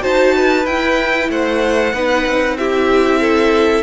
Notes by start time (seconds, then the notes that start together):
0.00 D#4 F#4 C5 A5
0.34 B4
0.66 E4 G5
1.29 A3 C5 F#5
1.93 B3 D#4 B4
2.26 C4
2.57 E4 G4 E5
3.21 A4